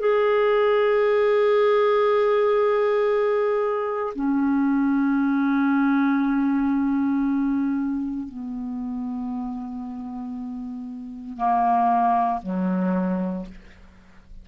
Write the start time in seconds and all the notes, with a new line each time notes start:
0.00 G#4
4.15 C#4
8.29 B3
11.37 A#3
12.43 F#3